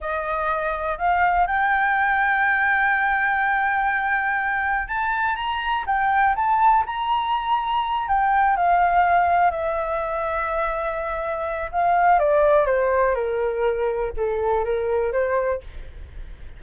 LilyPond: \new Staff \with { instrumentName = "flute" } { \time 4/4 \tempo 4 = 123 dis''2 f''4 g''4~ | g''1~ | g''2 a''4 ais''4 | g''4 a''4 ais''2~ |
ais''8 g''4 f''2 e''8~ | e''1 | f''4 d''4 c''4 ais'4~ | ais'4 a'4 ais'4 c''4 | }